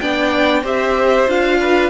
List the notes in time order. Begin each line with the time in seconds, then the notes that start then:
0.00 B3 D4 D5 G5
0.63 C4 G4 C5 E5
1.27 D4 F4 F5
1.60 B4